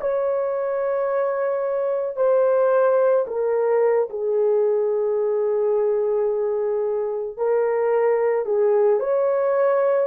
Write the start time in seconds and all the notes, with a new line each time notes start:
0.00 C#5
2.16 C5
3.27 A#4
4.10 G#4
7.36 A#4
8.45 G#4
9.00 C#5